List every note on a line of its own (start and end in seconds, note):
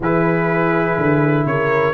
0.00 0.96 E3
0.00 1.94 E4
0.00 1.47 G#4
0.00 1.46 B4
0.97 1.45 D3
1.45 1.94 C#3
1.45 1.94 A#4
1.45 1.94 C#5